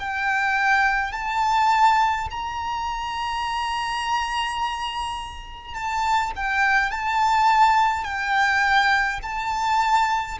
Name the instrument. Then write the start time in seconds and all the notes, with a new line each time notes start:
violin
0.00 G5
1.13 A5
2.31 A#5
5.75 A5
6.36 G5
6.92 A5
8.05 G5
9.23 A5